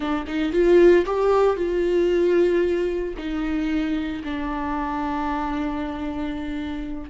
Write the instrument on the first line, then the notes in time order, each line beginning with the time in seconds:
viola
0.00 D4
0.26 D#4
0.52 F4
1.05 G4
1.56 F4
3.17 D#4
4.24 D4